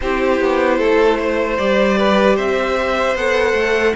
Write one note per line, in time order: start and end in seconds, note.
0.01 0.40 C4
0.01 1.59 E4
0.01 0.78 G4
0.01 1.57 C5
0.40 0.79 B3
0.78 1.58 A3
0.78 1.17 A4
1.19 1.98 C5
1.57 2.37 G3
1.57 3.17 G4
1.57 2.36 D5
1.98 2.35 B4
2.35 3.14 C4
2.35 3.93 C5
2.35 3.16 E5
3.14 3.53 B3
3.14 3.95 A4
3.14 3.95 F#5
3.53 3.93 A3